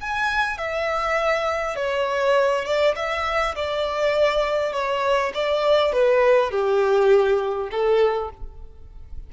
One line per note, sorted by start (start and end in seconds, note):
0.00 0.57 G#5
0.57 1.76 E5
1.76 2.65 C#5
2.65 2.95 D5
2.95 3.55 E5
3.55 4.72 D5
4.72 5.32 C#5
5.34 5.92 D5
5.92 6.50 B4
6.50 7.69 G4
7.71 8.30 A4